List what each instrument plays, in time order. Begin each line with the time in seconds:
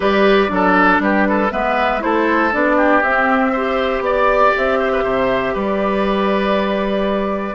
0.00 bassoon G3, clarinet G4, oboe B4, flute D5
0.48 bassoon F#3, clarinet D4, oboe A4
0.99 bassoon G3, oboe G4, flute B4
1.28 oboe A4
1.51 bassoon G#3, clarinet B3, oboe B4, flute E5
2.00 bassoon A3, clarinet E4, oboe A4, flute C5
2.52 bassoon B3, clarinet D4, flute D5
2.76 oboe G4
3.02 bassoon C4, clarinet C4, flute E5
3.52 clarinet G4, oboe C5
4.00 bassoon B3, flute D5, oboe D5
4.56 bassoon C4, flute E5
4.79 oboe C5
4.92 oboe B4
5.03 bassoon C3, oboe C5
5.53 bassoon G3, oboe B4, flute D5